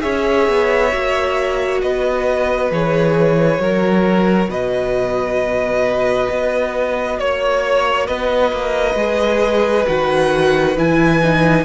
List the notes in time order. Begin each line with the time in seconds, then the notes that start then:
0.00 C#4 G#4 C#5 E5
0.48 B3
0.91 A#3 F#4
1.81 B3 B4 D#5
2.71 E3 G#4 C#5
3.59 F#3 F#4 A#4
4.49 B2 B4 D#5
6.30 B3
7.19 A#3 C#5
8.07 B3 B4 D#5
8.52 A#3
8.95 G#3 G#4
9.86 D#3 F#4 F#5
10.77 E3 E4 G#5
11.23 D#4